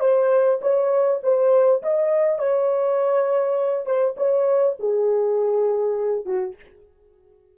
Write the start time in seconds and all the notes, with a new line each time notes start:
0.00 C5
0.61 C#5
1.23 C5
1.82 D#5
2.38 C#5
3.86 C5
4.17 C#5
4.79 G#4
6.25 F#4